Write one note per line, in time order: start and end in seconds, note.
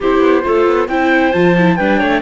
0.00 0.20 C4
0.00 0.43 E4
0.00 0.44 G4
0.00 0.88 C5
0.20 0.42 B3
0.43 0.66 A3
0.43 0.87 F4
0.43 0.89 A4
0.66 0.88 B3
0.88 1.32 C4
0.88 1.33 E4
0.88 1.77 C5
0.88 1.32 G5
1.32 1.78 F3
1.32 1.55 F4
1.32 1.76 A5
1.57 1.79 E4
1.76 2.01 G3
1.76 2.22 D4
1.76 1.98 B4
1.76 2.21 G5
1.98 2.22 A3
1.98 2.21 C#5